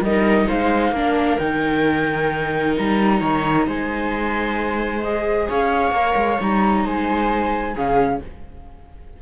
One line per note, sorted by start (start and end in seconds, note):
0.00 0.45 G3
0.00 0.95 D#4
0.00 0.47 A#4
0.00 0.48 D#5
0.47 0.91 G#3
0.47 0.93 C5
0.47 1.38 F5
0.91 1.36 A#3
0.91 1.39 D4
0.91 3.20 A#4
1.38 2.76 D#3
1.38 5.03 D#4
1.38 2.74 G5
2.77 3.21 G3
2.77 3.68 A#5
3.20 3.66 D#3
3.20 3.65 C#5
3.66 5.48 G#3
3.66 5.48 C5
3.66 5.02 G#5
5.02 5.94 G#4
5.02 5.48 D#5
5.48 5.91 C#4
5.48 6.84 C#5
5.48 6.40 F5
5.91 6.13 A#3
5.91 6.39 A#4
6.15 6.38 G#3
6.39 6.85 G3
6.39 7.75 D#4
6.39 6.86 A#5
6.84 7.75 G#3
6.84 7.73 C5
6.84 7.76 G#5
7.73 8.20 C#3
7.73 8.20 C#4
7.73 8.19 G#4
7.73 8.22 F5